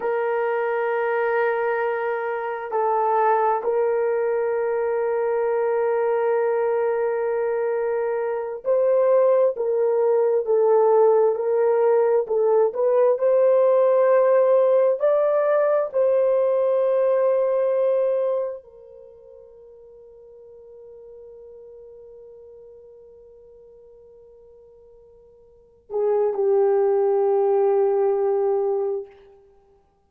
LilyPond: \new Staff \with { instrumentName = "horn" } { \time 4/4 \tempo 4 = 66 ais'2. a'4 | ais'1~ | ais'4. c''4 ais'4 a'8~ | a'8 ais'4 a'8 b'8 c''4.~ |
c''8 d''4 c''2~ c''8~ | c''8 ais'2.~ ais'8~ | ais'1~ | ais'8 gis'8 g'2. | }